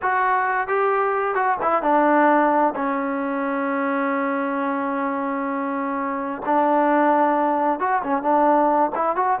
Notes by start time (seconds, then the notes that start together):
0.01 F#4
0.67 G4
1.34 F#4
1.62 E4
1.82 D4
2.75 C#4
6.45 D4
7.79 F#4
8.03 C#4
8.22 D4
8.95 E4
9.16 F#4